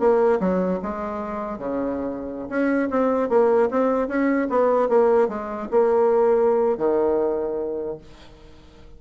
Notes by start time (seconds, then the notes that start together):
0.00 A#3
0.40 F#3
0.83 G#3
1.59 C#3
2.50 C#4
2.91 C4
3.30 A#3
3.71 C4
4.08 C#4
4.50 B3
4.89 A#3
5.29 G#3
5.71 A#3
6.78 D#3